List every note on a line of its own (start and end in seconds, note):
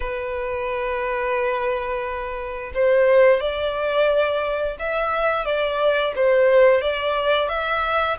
0.00 2.71 B4
2.74 3.40 C5
3.40 4.76 D5
4.79 5.45 E5
5.45 6.13 D5
6.15 6.81 C5
6.81 7.48 D5
7.48 8.17 E5